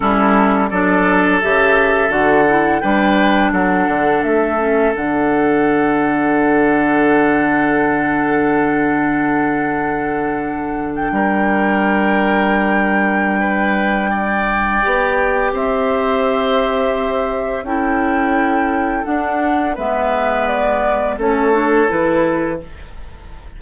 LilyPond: <<
  \new Staff \with { instrumentName = "flute" } { \time 4/4 \tempo 4 = 85 a'4 d''4 e''4 fis''4 | g''4 fis''4 e''4 fis''4~ | fis''1~ | fis''2.~ fis''8 g''8~ |
g''1~ | g''2 e''2~ | e''4 g''2 fis''4 | e''4 d''4 cis''4 b'4 | }
  \new Staff \with { instrumentName = "oboe" } { \time 4/4 e'4 a'2. | b'4 a'2.~ | a'1~ | a'2.~ a'8. ais'16~ |
ais'2. b'4 | d''2 c''2~ | c''4 a'2. | b'2 a'2 | }
  \new Staff \with { instrumentName = "clarinet" } { \time 4/4 cis'4 d'4 g'4 fis'8 e'8 | d'2~ d'8 cis'8 d'4~ | d'1~ | d'1~ |
d'1~ | d'4 g'2.~ | g'4 e'2 d'4 | b2 cis'8 d'8 e'4 | }
  \new Staff \with { instrumentName = "bassoon" } { \time 4/4 g4 fis4 cis4 d4 | g4 fis8 d8 a4 d4~ | d1~ | d2.~ d8. g16~ |
g1~ | g4 b4 c'2~ | c'4 cis'2 d'4 | gis2 a4 e4 | }
>>